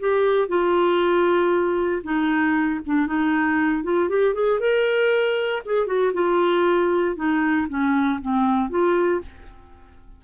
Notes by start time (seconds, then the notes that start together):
0.00 G4
0.48 F4
2.03 D#4
2.86 D4
3.07 D#4
3.83 F4
4.09 G4
4.34 G#4
4.60 A#4
5.66 G#4
5.87 F#4
6.14 F4
7.16 D#4
7.69 C#4
8.22 C4
8.70 F4